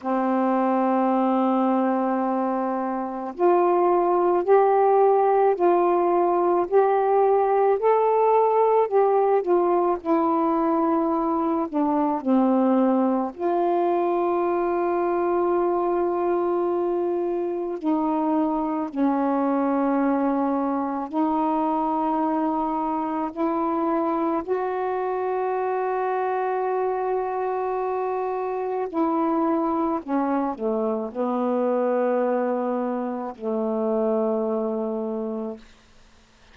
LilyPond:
\new Staff \with { instrumentName = "saxophone" } { \time 4/4 \tempo 4 = 54 c'2. f'4 | g'4 f'4 g'4 a'4 | g'8 f'8 e'4. d'8 c'4 | f'1 |
dis'4 cis'2 dis'4~ | dis'4 e'4 fis'2~ | fis'2 e'4 cis'8 a8 | b2 a2 | }